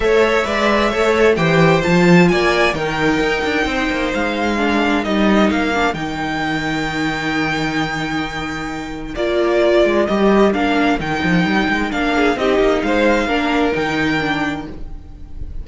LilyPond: <<
  \new Staff \with { instrumentName = "violin" } { \time 4/4 \tempo 4 = 131 e''2. g''4 | a''4 gis''4 g''2~ | g''4 f''2 dis''4 | f''4 g''2.~ |
g''1 | d''2 dis''4 f''4 | g''2 f''4 dis''4 | f''2 g''2 | }
  \new Staff \with { instrumentName = "violin" } { \time 4/4 cis''4 d''4 cis''4 c''4~ | c''4 d''4 ais'2 | c''2 ais'2~ | ais'1~ |
ais'1~ | ais'1~ | ais'2~ ais'8 gis'8 g'4 | c''4 ais'2. | }
  \new Staff \with { instrumentName = "viola" } { \time 4/4 a'4 b'4 a'4 g'4 | f'2 dis'2~ | dis'2 d'4 dis'4~ | dis'8 d'8 dis'2.~ |
dis'1 | f'2 g'4 d'4 | dis'2 d'4 dis'4~ | dis'4 d'4 dis'4 d'4 | }
  \new Staff \with { instrumentName = "cello" } { \time 4/4 a4 gis4 a4 e4 | f4 ais4 dis4 dis'8 d'8 | c'8 ais8 gis2 g4 | ais4 dis2.~ |
dis1 | ais4. gis8 g4 ais4 | dis8 f8 g8 gis8 ais4 c'8 ais8 | gis4 ais4 dis2 | }
>>